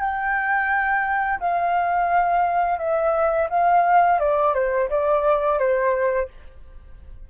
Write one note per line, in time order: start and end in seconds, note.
0.00 1.40 G5
1.40 2.78 F5
2.78 3.48 E5
3.50 4.20 F5
4.20 4.54 D5
4.54 4.89 C5
4.89 5.58 D5
5.58 6.28 C5